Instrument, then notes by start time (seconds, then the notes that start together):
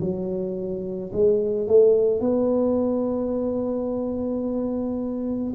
tuba
0.00 F#3
1.13 G#3
1.67 A3
2.20 B3